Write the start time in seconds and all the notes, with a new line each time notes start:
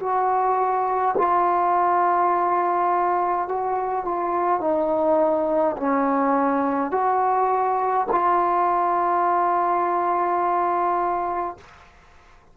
0.00 F#4
1.18 F4
3.48 F#4
4.05 F4
4.60 D#4
5.77 C#4
6.91 F#4
8.11 F4